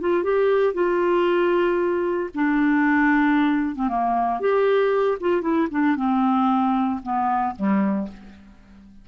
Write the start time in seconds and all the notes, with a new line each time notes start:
0.00 F4
0.23 G4
0.74 F4
2.35 D4
3.75 C4
3.89 A#3
4.40 G4
5.20 F4
5.42 E4
5.71 D4
5.96 C4
7.03 B3
7.56 G3